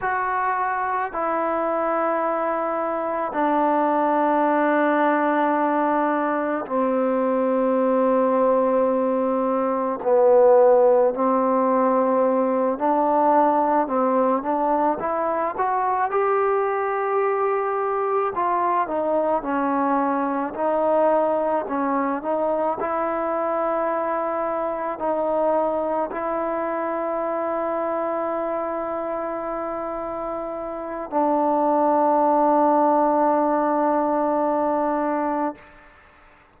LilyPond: \new Staff \with { instrumentName = "trombone" } { \time 4/4 \tempo 4 = 54 fis'4 e'2 d'4~ | d'2 c'2~ | c'4 b4 c'4. d'8~ | d'8 c'8 d'8 e'8 fis'8 g'4.~ |
g'8 f'8 dis'8 cis'4 dis'4 cis'8 | dis'8 e'2 dis'4 e'8~ | e'1 | d'1 | }